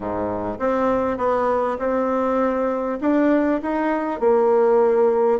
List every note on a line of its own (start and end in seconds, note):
0.00 0.58 G#2
0.59 1.17 C4
1.17 1.77 B3
1.78 2.98 C4
3.00 3.60 D4
3.62 4.20 D#4
4.20 5.39 A#3